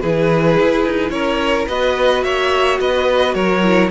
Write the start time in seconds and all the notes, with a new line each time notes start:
0.00 E3 E4 G#4 B4
0.59 E4
0.86 D#4
1.10 C#4 A#4 C#5
1.68 B3 F#4 B4 D#5
2.24 A#3 C#5 E5
2.80 B3 B4 D#5
3.35 F#3 A#4 C#5
3.63 E4